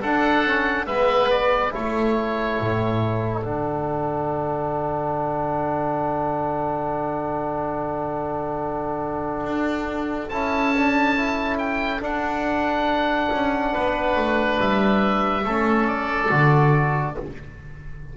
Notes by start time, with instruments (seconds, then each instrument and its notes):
0.00 double bass D4, trombone D4, oboe A4 F#5
0.45 trombone C#4
0.86 double bass G#3, trombone B3, oboe B4 E5
1.30 oboe D5
1.71 trombone E4, oboe A4 C#5
1.77 double bass A3
2.60 double bass A2
3.42 double bass D3, trombone D4, oboe F#5
9.44 double bass D4
10.29 double bass C#4, trombone E4, oboe A5
10.76 trombone D4
11.16 trombone E4
11.58 oboe G5
11.99 trombone D4, double bass D4, oboe F#5
13.31 double bass C#4
13.73 double bass B3, oboe B4
14.16 double bass A3
14.59 double bass G3, oboe E5
15.44 double bass A3, trombone C#4, oboe A4
15.87 oboe D5
16.29 double bass D3, trombone F#4